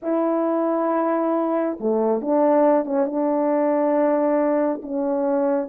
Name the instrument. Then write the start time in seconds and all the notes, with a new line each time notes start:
horn
0.02 E4
1.80 A3
2.21 D4
2.85 C#4
3.06 D4
4.82 C#4